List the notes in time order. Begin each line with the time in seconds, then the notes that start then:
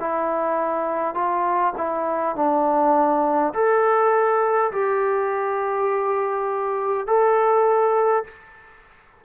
0.00 E4
1.15 F4
1.78 E4
2.36 D4
3.54 A4
4.72 G4
7.07 A4